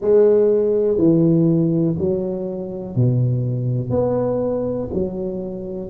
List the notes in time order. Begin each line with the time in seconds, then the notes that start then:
0.00 G#3
0.97 E3
1.98 F#3
2.95 B2
3.89 B3
4.93 F#3